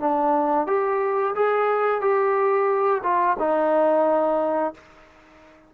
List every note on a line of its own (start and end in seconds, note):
0.00 0.67 D4
0.67 1.35 G4
1.35 2.02 G#4
2.02 3.03 G4
3.04 3.37 F4
3.40 4.75 D#4